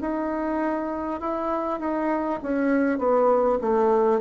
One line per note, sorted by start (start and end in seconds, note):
0.00 1.20 D#4
1.20 1.79 E4
1.79 2.39 D#4
2.42 2.98 C#4
2.98 3.58 B3
3.61 4.21 A3